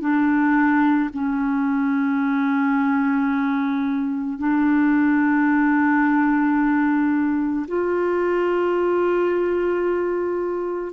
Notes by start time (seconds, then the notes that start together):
0.00 D4
1.13 C#4
4.38 D4
7.67 F4